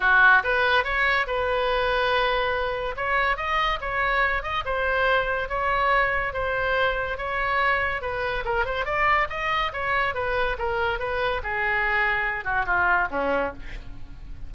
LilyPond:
\new Staff \with { instrumentName = "oboe" } { \time 4/4 \tempo 4 = 142 fis'4 b'4 cis''4 b'4~ | b'2. cis''4 | dis''4 cis''4. dis''8 c''4~ | c''4 cis''2 c''4~ |
c''4 cis''2 b'4 | ais'8 c''8 d''4 dis''4 cis''4 | b'4 ais'4 b'4 gis'4~ | gis'4. fis'8 f'4 cis'4 | }